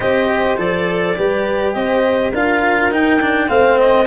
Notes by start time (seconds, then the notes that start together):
0.00 C4 G4 C5 D#5
0.57 F3 A4 D5
1.16 G3 G4 B4
1.73 C4 C5 D#5
2.32 D4 F4 A#4 F5
2.91 D#4 G5
3.20 D4
3.48 A3 C4 C5 F5
3.78 D#5